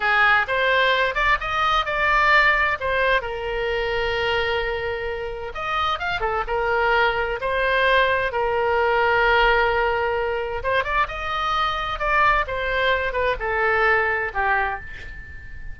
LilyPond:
\new Staff \with { instrumentName = "oboe" } { \time 4/4 \tempo 4 = 130 gis'4 c''4. d''8 dis''4 | d''2 c''4 ais'4~ | ais'1 | dis''4 f''8 a'8 ais'2 |
c''2 ais'2~ | ais'2. c''8 d''8 | dis''2 d''4 c''4~ | c''8 b'8 a'2 g'4 | }